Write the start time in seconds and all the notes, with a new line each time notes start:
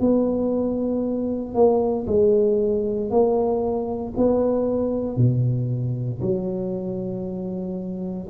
0.00 B3
1.54 A#3
2.07 G#3
3.10 A#3
4.17 B3
5.17 B2
6.21 F#3